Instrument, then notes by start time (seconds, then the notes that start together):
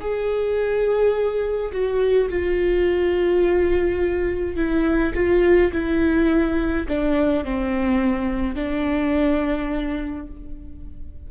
viola
0.00 G#4
1.71 F#4
2.29 F4
4.56 E4
5.14 F4
5.72 E4
6.88 D4
7.44 C4
8.55 D4